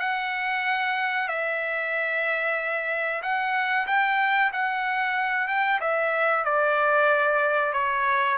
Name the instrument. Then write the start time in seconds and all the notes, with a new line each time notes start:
trumpet
0.00 F#5
1.29 E5
3.23 F#5
3.87 G5
4.53 F#5
5.48 G5
5.81 E5
6.45 D5
7.73 C#5